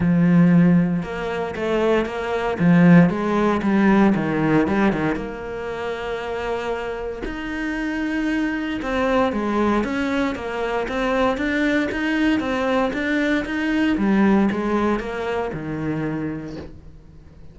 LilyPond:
\new Staff \with { instrumentName = "cello" } { \time 4/4 \tempo 4 = 116 f2 ais4 a4 | ais4 f4 gis4 g4 | dis4 g8 dis8 ais2~ | ais2 dis'2~ |
dis'4 c'4 gis4 cis'4 | ais4 c'4 d'4 dis'4 | c'4 d'4 dis'4 g4 | gis4 ais4 dis2 | }